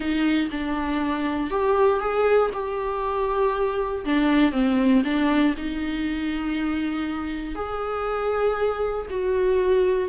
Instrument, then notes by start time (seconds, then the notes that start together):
viola
0.00 D#4
0.51 D4
1.50 G4
2.00 G#4
2.53 G4
4.05 D4
4.51 C4
5.04 D4
5.57 D#4
7.55 G#4
9.09 F#4